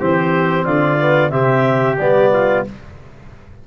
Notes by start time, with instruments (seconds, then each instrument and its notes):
0.00 tuba E3, trombone C4, trumpet G4, clarinet C5
0.66 tuba D3, trumpet F4, clarinet D5
0.99 trombone B3
1.30 tuba C3, trombone C4, trumpet G4, clarinet E5
1.99 tuba G3, trombone B3, clarinet D5
2.34 trumpet F4